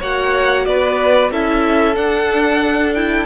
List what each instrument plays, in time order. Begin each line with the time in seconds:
0.00 cello A#3, viola F#4, violin C#5 F#5
0.65 cello B3, violin B4 D5
1.31 cello C#4, viola E4, violin A4 E5
1.95 viola D4, cello D4, violin F#5
2.95 viola E4, violin G5